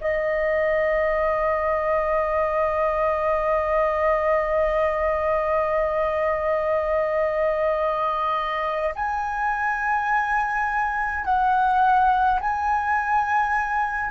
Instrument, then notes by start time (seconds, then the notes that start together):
flute
0.00 D#5
8.95 G#5
11.24 F#5
12.40 G#5